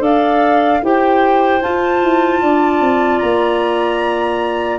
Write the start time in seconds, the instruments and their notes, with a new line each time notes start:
0.00 tuba D4, clarinet A4 D5, flute F5
0.83 tuba E4, clarinet G4 C5, flute G5
1.61 clarinet F4, tuba F4, flute A5
2.03 tuba E4
2.42 tuba D4, clarinet D5
2.81 tuba C4
3.19 tuba A#3, flute A#5